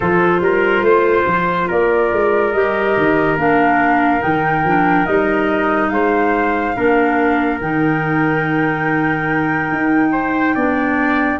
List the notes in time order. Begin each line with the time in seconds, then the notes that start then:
0.00 F3 F4 A4 C5
0.40 G3 A#4
0.81 A3 C5
1.26 F3
1.67 A#3 A#4 D5
2.12 G#3
2.51 G3 G4 D#5
2.97 D#3
3.36 A#3 D4 F5
4.20 D#3 D#4 G5
4.64 F3 D4
5.05 G3 D#4 D#5
5.89 G#3 C5 F5
6.76 A#3 D4 A#4
7.60 D#3 D#4 G5
9.72 D#4
10.12 C5
10.54 B3 D4 D5